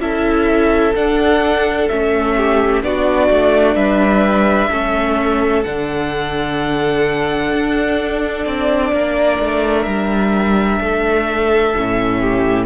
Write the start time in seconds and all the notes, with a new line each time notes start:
0.00 C#4 E4 A4 E5
0.95 D4 F#5
1.89 A3 C#4 E5
2.37 G4
2.83 B3 D4 F#4 D5
3.31 A3
3.75 G3 B4 E5
4.71 A3 C#4 A4
5.64 D3 D4 F#5
7.53 D4
8.46 C4 D5
8.92 A#3 A#4
9.40 A3
9.83 G3 E5
10.80 A3 A4
11.77 A2 C#4
12.21 G4